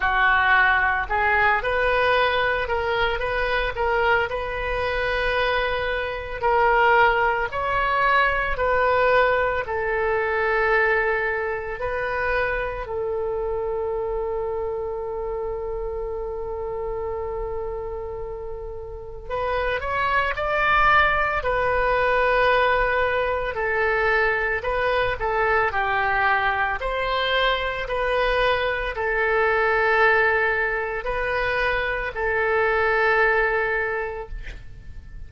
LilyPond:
\new Staff \with { instrumentName = "oboe" } { \time 4/4 \tempo 4 = 56 fis'4 gis'8 b'4 ais'8 b'8 ais'8 | b'2 ais'4 cis''4 | b'4 a'2 b'4 | a'1~ |
a'2 b'8 cis''8 d''4 | b'2 a'4 b'8 a'8 | g'4 c''4 b'4 a'4~ | a'4 b'4 a'2 | }